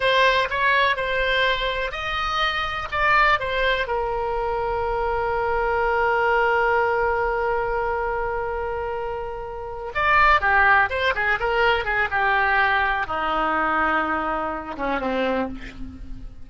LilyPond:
\new Staff \with { instrumentName = "oboe" } { \time 4/4 \tempo 4 = 124 c''4 cis''4 c''2 | dis''2 d''4 c''4 | ais'1~ | ais'1~ |
ais'1~ | ais'8 d''4 g'4 c''8 gis'8 ais'8~ | ais'8 gis'8 g'2 dis'4~ | dis'2~ dis'8 cis'8 c'4 | }